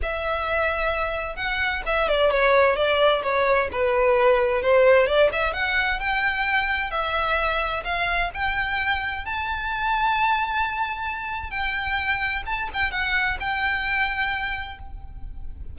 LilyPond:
\new Staff \with { instrumentName = "violin" } { \time 4/4 \tempo 4 = 130 e''2. fis''4 | e''8 d''8 cis''4 d''4 cis''4 | b'2 c''4 d''8 e''8 | fis''4 g''2 e''4~ |
e''4 f''4 g''2 | a''1~ | a''4 g''2 a''8 g''8 | fis''4 g''2. | }